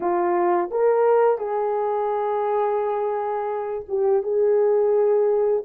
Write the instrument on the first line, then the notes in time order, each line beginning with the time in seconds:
horn
0.00 F4
0.70 A#4
1.38 G#4
3.88 G4
4.22 G#4